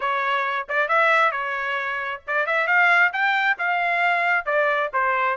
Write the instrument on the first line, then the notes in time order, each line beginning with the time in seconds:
trumpet
0.00 C#5
0.68 D5
0.88 E5
1.31 C#5
2.27 D5
2.46 E5
2.67 F5
3.12 G5
3.58 F5
4.45 D5
4.93 C5